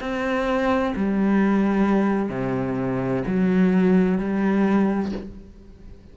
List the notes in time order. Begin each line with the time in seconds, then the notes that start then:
0.00 C4
0.95 G3
2.29 C3
3.26 F#3
4.18 G3